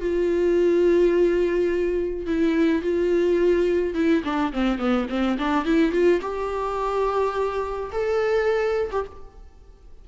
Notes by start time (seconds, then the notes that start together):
0.00 F4
2.26 E4
2.82 F4
3.94 E4
4.24 D4
4.53 C4
4.78 B3
5.09 C4
5.38 D4
5.64 E4
5.92 F4
6.21 G4
7.92 A4
8.91 G4